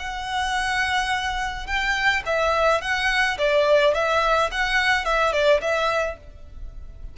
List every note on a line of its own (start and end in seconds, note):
0.00 1.67 F#5
1.67 2.23 G5
2.26 2.82 E5
2.82 3.38 F#5
3.38 3.95 D5
3.95 4.51 E5
4.51 5.05 F#5
5.05 5.33 E5
5.33 5.61 D5
5.61 6.17 E5